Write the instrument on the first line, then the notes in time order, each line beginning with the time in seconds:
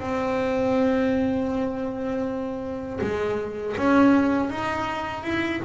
double bass
0.00 C4
3.01 G#3
3.77 C#4
4.50 D#4
5.24 E4